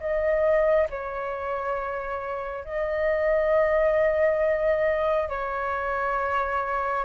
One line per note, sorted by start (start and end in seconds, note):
0.00 0.88 D#5
0.90 2.65 C#5
2.65 5.29 D#5
5.29 7.05 C#5